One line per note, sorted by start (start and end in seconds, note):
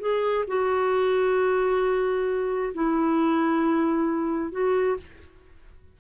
0.00 0.45 G#4
0.48 2.73 F#4
2.74 4.52 E4
4.52 4.97 F#4